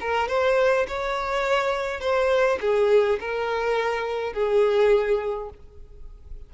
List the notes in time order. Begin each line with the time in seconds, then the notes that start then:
0.00 A#4
0.28 C5
0.87 C#5
2.00 C5
2.61 G#4
3.20 A#4
4.33 G#4